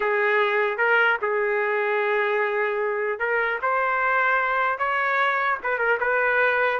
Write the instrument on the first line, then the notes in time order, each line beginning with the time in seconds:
trumpet
0.00 G#4
0.77 A#4
1.21 G#4
3.19 A#4
3.62 C5
4.78 C#5
5.63 B4
5.78 A#4
5.99 B4